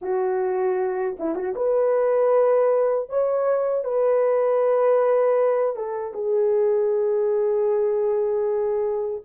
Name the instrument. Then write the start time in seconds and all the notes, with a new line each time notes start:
horn
0.01 F#4
1.19 E4
1.35 F#4
1.55 B4
3.09 C#5
3.84 B4
5.76 A4
6.14 G#4